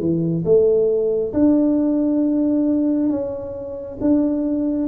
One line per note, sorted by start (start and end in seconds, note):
0.00 0.44 E3
0.45 1.33 A3
1.34 3.10 D4
3.10 3.98 C#4
4.01 4.88 D4